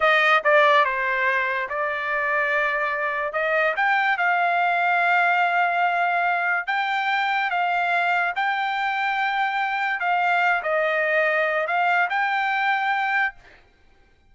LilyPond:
\new Staff \with { instrumentName = "trumpet" } { \time 4/4 \tempo 4 = 144 dis''4 d''4 c''2 | d''1 | dis''4 g''4 f''2~ | f''1 |
g''2 f''2 | g''1 | f''4. dis''2~ dis''8 | f''4 g''2. | }